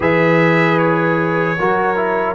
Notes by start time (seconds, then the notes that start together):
0.00 E3 G#4 B4 E5
0.78 C#5
1.58 F#3 F#4 A#4
1.96 E4